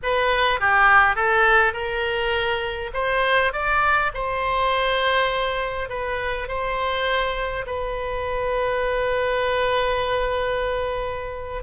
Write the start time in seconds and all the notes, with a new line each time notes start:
0.03 B4
0.59 G4
1.15 A4
1.73 A#4
2.93 C5
3.53 D5
4.13 C5
5.89 B4
6.48 C5
7.66 B4